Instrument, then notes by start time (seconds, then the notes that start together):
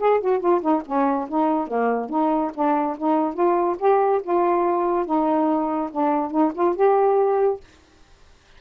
saxophone
0.00 G#4
0.21 F#4
0.41 F4
0.62 D#4
0.86 C#4
1.29 D#4
1.68 A#3
2.10 D#4
2.55 D4
2.98 D#4
3.34 F4
3.80 G4
4.24 F4
5.06 D#4
5.92 D4
6.31 D#4
6.55 F4
6.76 G4